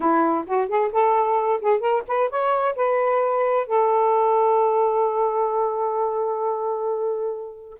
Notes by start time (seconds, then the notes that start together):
0.00 E4
0.46 F#4
0.68 G#4
0.92 A4
1.61 G#4
1.80 A#4
2.07 B4
2.29 C#5
2.75 B4
3.66 A4